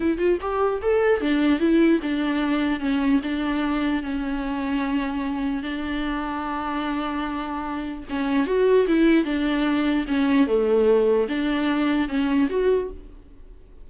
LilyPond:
\new Staff \with { instrumentName = "viola" } { \time 4/4 \tempo 4 = 149 e'8 f'8 g'4 a'4 d'4 | e'4 d'2 cis'4 | d'2 cis'2~ | cis'2 d'2~ |
d'1 | cis'4 fis'4 e'4 d'4~ | d'4 cis'4 a2 | d'2 cis'4 fis'4 | }